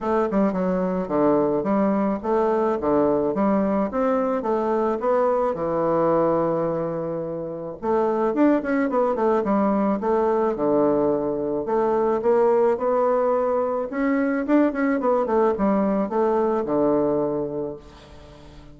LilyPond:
\new Staff \with { instrumentName = "bassoon" } { \time 4/4 \tempo 4 = 108 a8 g8 fis4 d4 g4 | a4 d4 g4 c'4 | a4 b4 e2~ | e2 a4 d'8 cis'8 |
b8 a8 g4 a4 d4~ | d4 a4 ais4 b4~ | b4 cis'4 d'8 cis'8 b8 a8 | g4 a4 d2 | }